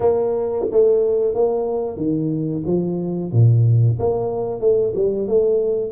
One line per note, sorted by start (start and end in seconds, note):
0.00 0.66 A#3
0.71 1.34 A3
1.34 1.97 A#3
1.97 2.63 D#3
2.66 3.31 F3
3.31 3.97 A#2
3.99 4.60 A#3
4.60 4.93 A3
4.95 5.27 G3
5.27 5.92 A3